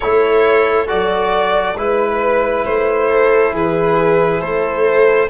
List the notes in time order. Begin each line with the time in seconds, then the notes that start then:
0.00 A3 E4 A4 C#5
0.87 F#3 F#4 D5
1.75 G#3 E4 B4
2.65 A3 C5
3.09 A4
3.53 E3 G#4 B4
4.40 A3 A4 C5